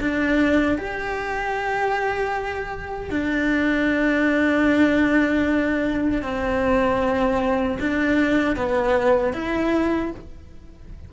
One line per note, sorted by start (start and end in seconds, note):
0.00 0.78 D4
0.78 3.10 G4
3.10 6.22 D4
6.22 7.77 C4
7.79 8.56 D4
8.56 9.33 B3
9.33 10.11 E4